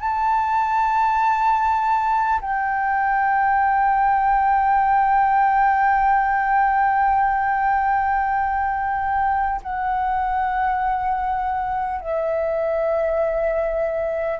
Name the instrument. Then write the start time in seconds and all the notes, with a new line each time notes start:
flute
0.00 A5
2.41 G5
9.63 F#5
12.01 E5